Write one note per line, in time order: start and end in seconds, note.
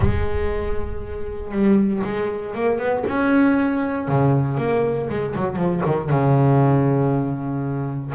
0.00 1.51 G#3
1.51 2.02 G3
2.03 2.54 G#3
2.54 2.78 A#3
2.78 3.03 B3
3.07 4.08 C#4
4.08 4.57 C#3
4.57 5.08 A#3
5.09 5.34 G#3
5.35 5.56 F#3
5.56 5.81 F3
5.85 6.09 D#3
6.09 8.13 C#3